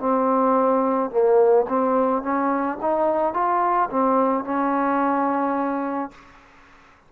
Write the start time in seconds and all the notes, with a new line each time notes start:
0.00 C4
1.11 A#3
1.68 C4
2.23 C#4
2.81 D#4
3.34 F4
3.90 C4
4.44 C#4